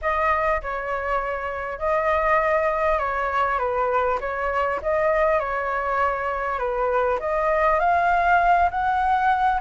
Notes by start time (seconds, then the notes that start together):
0.01 D#5
0.61 C#5
1.78 D#5
2.98 C#5
3.58 B4
4.20 C#5
4.82 D#5
5.39 C#5
6.58 B4
7.19 D#5
7.79 F5
8.71 F#5